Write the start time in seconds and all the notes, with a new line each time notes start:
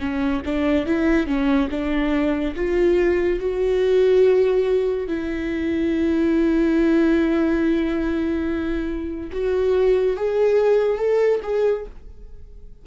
0.00 C#4
0.46 D4
0.86 E4
1.27 C#4
1.71 D4
2.56 F4
3.40 F#4
5.08 E4
9.33 F#4
10.17 G#4
10.98 A4
11.43 G#4